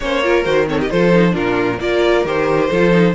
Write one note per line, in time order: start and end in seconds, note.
0.00 0.45 A#3
0.00 0.23 C#4
0.00 0.23 C5
0.00 0.44 C#5
0.23 0.43 F4
0.23 0.69 A#4
0.43 0.90 D#3
0.43 0.66 F#4
0.43 0.66 C5
0.67 0.89 C4
0.67 0.79 A4
0.67 0.80 C#5
0.79 0.91 G4
0.79 0.90 D#5
0.90 1.35 F3
0.90 1.13 F4
0.90 1.33 A4
0.90 1.34 C5
1.13 1.31 D#4
1.31 1.79 A#2
1.31 1.76 D4
1.31 1.78 F4
1.31 1.80 A#4
1.79 2.24 A#3
1.79 2.25 F4
1.79 2.69 A#4
1.79 2.25 D5
2.24 2.70 D#3
2.24 2.70 G4
2.24 3.14 C5
2.69 3.14 F3
2.69 2.91 F4
2.69 3.14 A4
2.91 3.14 D#4